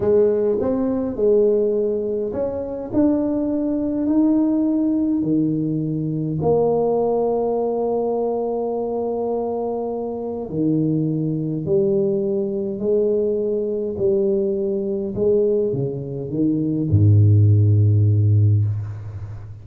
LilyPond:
\new Staff \with { instrumentName = "tuba" } { \time 4/4 \tempo 4 = 103 gis4 c'4 gis2 | cis'4 d'2 dis'4~ | dis'4 dis2 ais4~ | ais1~ |
ais2 dis2 | g2 gis2 | g2 gis4 cis4 | dis4 gis,2. | }